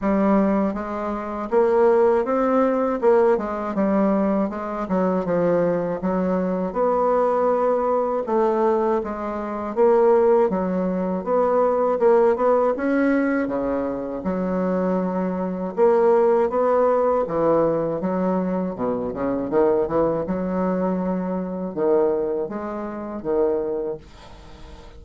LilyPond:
\new Staff \with { instrumentName = "bassoon" } { \time 4/4 \tempo 4 = 80 g4 gis4 ais4 c'4 | ais8 gis8 g4 gis8 fis8 f4 | fis4 b2 a4 | gis4 ais4 fis4 b4 |
ais8 b8 cis'4 cis4 fis4~ | fis4 ais4 b4 e4 | fis4 b,8 cis8 dis8 e8 fis4~ | fis4 dis4 gis4 dis4 | }